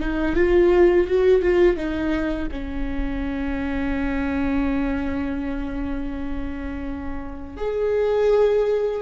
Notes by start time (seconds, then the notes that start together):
0.00 D#4
0.36 F4
1.07 F#4
1.42 F4
1.77 D#4
2.52 C#4
7.57 G#4